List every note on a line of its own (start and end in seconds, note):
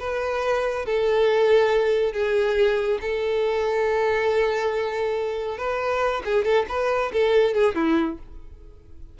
0.00 0.86 B4
0.86 2.13 A4
2.13 2.99 G#4
3.01 5.58 A4
5.58 6.23 B4
6.26 6.45 G#4
6.45 6.67 A4
6.69 7.12 B4
7.13 7.55 A4
7.55 7.76 G#4
7.76 8.19 E4